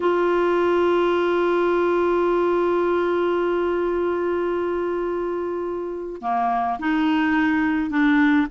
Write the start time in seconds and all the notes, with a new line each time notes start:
0.00 F4
6.21 A#3
6.79 D#4
7.90 D4